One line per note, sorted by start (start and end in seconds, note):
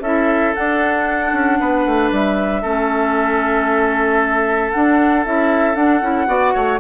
0.00 0.52 C#4
0.00 0.55 E4
0.00 1.59 A4
0.00 0.54 E5
0.54 2.63 D4
0.54 1.33 D4
0.54 2.11 F#5
1.33 1.59 C#4
1.60 1.86 B3
1.60 2.62 B4
1.86 2.11 A3
2.11 2.63 G3
2.11 4.72 E5
2.62 4.72 A3
2.62 4.72 C#4
2.62 6.27 A4
4.72 5.25 D4
4.72 5.26 D4
4.72 5.24 F#5
5.25 5.75 C#4
5.25 5.74 E4
5.25 5.75 E5
5.74 6.00 D4
5.74 6.01 D4
5.74 6.79 F#5
6.01 6.27 C#4
6.01 6.27 E4
6.27 6.53 B3
6.27 6.79 F#4
6.27 6.54 D5
6.54 6.80 A3
6.54 6.80 C#5